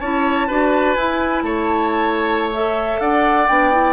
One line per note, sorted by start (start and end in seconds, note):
0.00 0.49 C#4
0.00 0.49 E4
0.00 0.47 C#5
0.00 0.94 A5
0.47 0.97 D4
0.47 0.97 F#4
0.47 1.43 B4
0.94 1.43 E4
0.94 2.53 E4
0.94 1.42 G#5
1.43 2.99 A3
1.43 3.01 C#5
1.43 2.51 A5
2.53 3.49 A4
2.53 3.00 E5
3.00 3.48 D4
3.00 3.93 D5
3.00 3.47 F#5
3.47 3.93 B3
3.47 3.72 D4
3.47 3.93 G5
3.72 3.93 E4